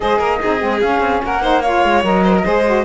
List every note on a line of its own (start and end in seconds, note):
0.00 0.19 G#3
0.00 0.40 G#4
0.00 0.18 C5
0.00 0.80 D#5
0.18 0.39 A#3
0.18 0.39 A#4
0.41 0.61 C4
0.41 0.59 D#4
0.41 1.22 G#4
0.59 0.82 G#3
0.59 0.80 C4
0.80 1.41 C#4
0.80 1.00 C#4
0.80 1.21 F5
1.00 1.21 C4
1.24 1.84 A#3
1.24 1.41 A#4
1.24 1.61 F#5
1.41 1.62 D#4
1.41 1.62 C5
1.61 2.03 F4
1.61 2.23 C#5
1.61 2.02 F5
1.84 2.03 G#3
2.03 2.44 F#3
2.03 2.43 A#4
2.03 2.85 D#5
2.24 2.34 C5
2.37 2.45 A#4
2.44 2.85 G#3
2.44 2.64 G#4
2.44 2.85 C5
2.65 2.85 F#4